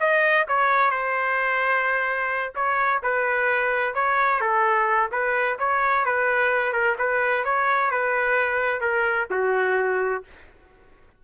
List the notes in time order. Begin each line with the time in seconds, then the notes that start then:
0.00 D#5
0.48 C#5
0.91 C5
2.55 C#5
3.03 B4
3.95 C#5
4.41 A4
5.12 B4
5.59 C#5
6.06 B4
6.73 A#4
6.99 B4
7.45 C#5
7.91 B4
8.81 A#4
9.31 F#4